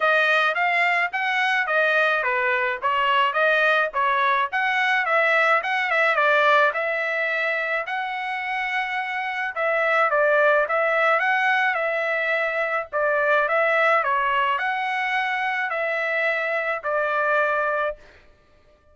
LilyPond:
\new Staff \with { instrumentName = "trumpet" } { \time 4/4 \tempo 4 = 107 dis''4 f''4 fis''4 dis''4 | b'4 cis''4 dis''4 cis''4 | fis''4 e''4 fis''8 e''8 d''4 | e''2 fis''2~ |
fis''4 e''4 d''4 e''4 | fis''4 e''2 d''4 | e''4 cis''4 fis''2 | e''2 d''2 | }